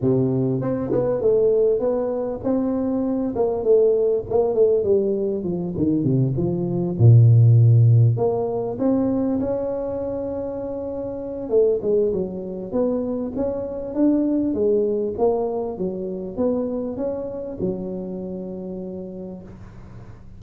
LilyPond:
\new Staff \with { instrumentName = "tuba" } { \time 4/4 \tempo 4 = 99 c4 c'8 b8 a4 b4 | c'4. ais8 a4 ais8 a8 | g4 f8 dis8 c8 f4 ais,8~ | ais,4. ais4 c'4 cis'8~ |
cis'2. a8 gis8 | fis4 b4 cis'4 d'4 | gis4 ais4 fis4 b4 | cis'4 fis2. | }